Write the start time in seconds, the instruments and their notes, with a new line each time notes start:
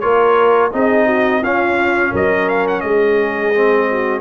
0.00 tuba A#3, trombone F4, horn A#4, trumpet C#5
0.73 tuba C4, trombone D#4, horn G#4, trumpet D#5
1.06 horn F#4
1.42 tuba C#4, trombone C#4, horn F4, trumpet F5
2.12 tuba F#3, horn A#4, trumpet D#5
2.49 trumpet F5
2.68 trumpet F#5
2.81 tuba G#3, horn G#4, trumpet D#5
3.55 trombone C4
3.92 horn F#4